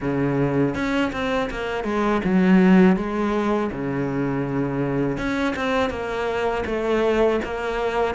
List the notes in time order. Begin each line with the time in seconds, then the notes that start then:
0.00 C#3
0.74 C#4
1.12 C4
1.50 A#3
1.84 G#3
2.24 F#3
2.96 G#3
3.71 C#3
5.17 C#4
5.56 C4
5.90 A#3
6.65 A3
7.44 A#3